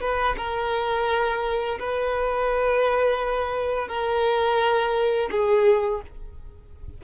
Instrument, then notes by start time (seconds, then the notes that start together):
violin
0.00 B4
0.37 A#4
1.79 B4
3.88 A#4
5.31 G#4